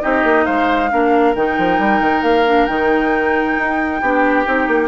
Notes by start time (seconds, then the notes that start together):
0.00 C4 D#4 G4 D#5
0.23 A#3
0.45 G#3 C5 F5
0.90 A#3 D4 A#4
1.35 D#3 D#4 G5
1.58 F3
1.78 G3
2.00 D#3
2.22 A#3 F5
2.46 D4
2.66 D#3 D#4 G5
3.57 D#4
4.00 B3 D4 G4
4.45 C4 D#4
4.67 A#3